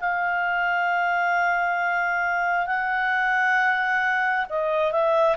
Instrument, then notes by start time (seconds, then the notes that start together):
clarinet
0.00 F5
2.67 F#5
4.49 D#5
4.92 E5